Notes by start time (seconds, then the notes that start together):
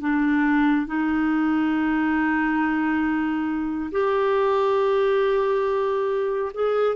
0.00 D4
0.87 D#4
3.91 G4
6.54 G#4